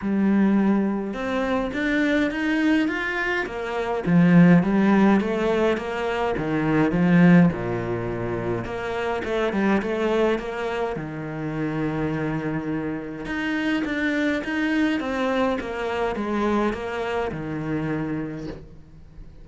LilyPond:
\new Staff \with { instrumentName = "cello" } { \time 4/4 \tempo 4 = 104 g2 c'4 d'4 | dis'4 f'4 ais4 f4 | g4 a4 ais4 dis4 | f4 ais,2 ais4 |
a8 g8 a4 ais4 dis4~ | dis2. dis'4 | d'4 dis'4 c'4 ais4 | gis4 ais4 dis2 | }